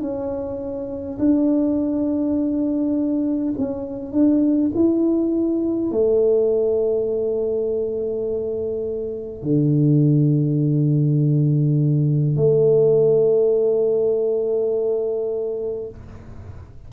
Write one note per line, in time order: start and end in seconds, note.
0.00 1.18 C#4
1.19 3.54 D4
3.58 4.12 C#4
4.12 4.71 D4
4.74 5.91 E4
5.91 9.43 A3
9.43 12.36 D3
12.36 15.89 A3